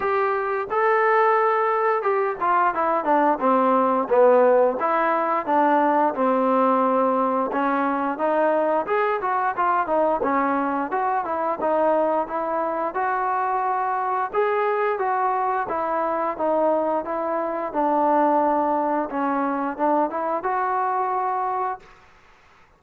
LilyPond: \new Staff \with { instrumentName = "trombone" } { \time 4/4 \tempo 4 = 88 g'4 a'2 g'8 f'8 | e'8 d'8 c'4 b4 e'4 | d'4 c'2 cis'4 | dis'4 gis'8 fis'8 f'8 dis'8 cis'4 |
fis'8 e'8 dis'4 e'4 fis'4~ | fis'4 gis'4 fis'4 e'4 | dis'4 e'4 d'2 | cis'4 d'8 e'8 fis'2 | }